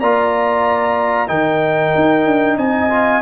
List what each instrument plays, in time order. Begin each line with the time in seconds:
0.00 tuba A#3, trombone F4, horn D5, trumpet A#5
1.28 tuba D#3, trombone D#4, horn A#4, trumpet G5
1.95 tuba D#4
2.25 tuba D4
2.58 tuba C4, horn D#5, trumpet G#5
2.90 trombone F4